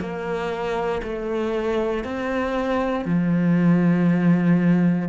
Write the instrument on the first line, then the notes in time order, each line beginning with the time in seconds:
cello
0.00 A#3
1.03 A3
2.04 C4
3.05 F3